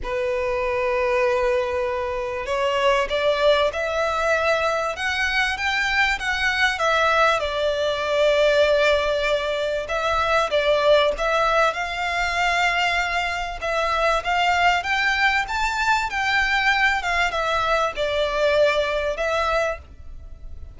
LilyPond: \new Staff \with { instrumentName = "violin" } { \time 4/4 \tempo 4 = 97 b'1 | cis''4 d''4 e''2 | fis''4 g''4 fis''4 e''4 | d''1 |
e''4 d''4 e''4 f''4~ | f''2 e''4 f''4 | g''4 a''4 g''4. f''8 | e''4 d''2 e''4 | }